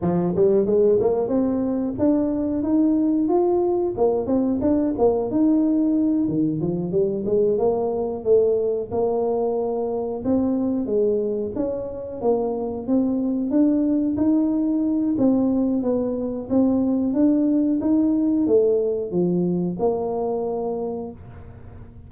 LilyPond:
\new Staff \with { instrumentName = "tuba" } { \time 4/4 \tempo 4 = 91 f8 g8 gis8 ais8 c'4 d'4 | dis'4 f'4 ais8 c'8 d'8 ais8 | dis'4. dis8 f8 g8 gis8 ais8~ | ais8 a4 ais2 c'8~ |
c'8 gis4 cis'4 ais4 c'8~ | c'8 d'4 dis'4. c'4 | b4 c'4 d'4 dis'4 | a4 f4 ais2 | }